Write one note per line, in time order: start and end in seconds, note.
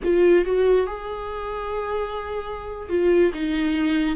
0.03 0.45 F4
0.45 0.86 F#4
0.86 2.89 G#4
2.89 3.32 F4
3.34 4.16 D#4